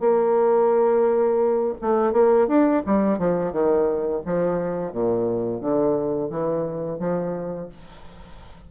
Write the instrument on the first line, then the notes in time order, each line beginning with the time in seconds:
bassoon
0.00 A#3
1.81 A3
2.12 A#3
2.48 D4
2.86 G3
3.18 F3
3.52 D#3
4.26 F3
4.92 A#2
5.61 D3
6.30 E3
6.99 F3